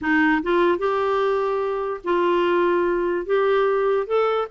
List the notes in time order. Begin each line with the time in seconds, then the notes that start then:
0.01 D#4
0.42 F4
0.78 G4
2.04 F4
3.26 G4
4.06 A4